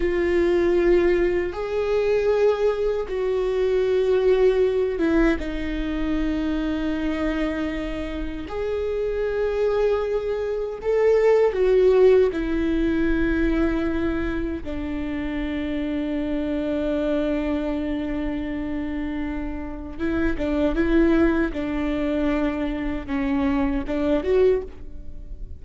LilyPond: \new Staff \with { instrumentName = "viola" } { \time 4/4 \tempo 4 = 78 f'2 gis'2 | fis'2~ fis'8 e'8 dis'4~ | dis'2. gis'4~ | gis'2 a'4 fis'4 |
e'2. d'4~ | d'1~ | d'2 e'8 d'8 e'4 | d'2 cis'4 d'8 fis'8 | }